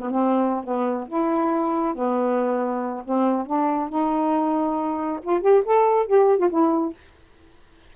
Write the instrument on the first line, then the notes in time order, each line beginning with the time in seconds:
saxophone
0.00 B3
0.10 C4
0.64 B3
1.08 E4
1.95 B3
3.04 C4
3.46 D4
3.89 D#4
5.22 F4
5.41 G4
5.65 A4
6.07 G4
6.39 F4
6.50 E4